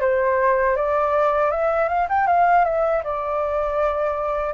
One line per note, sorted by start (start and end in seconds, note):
0.00 0.76 C5
0.76 1.51 D5
1.51 1.88 E5
1.88 2.07 F5
2.09 2.26 G5
2.26 2.64 F5
2.64 3.02 E5
3.03 4.53 D5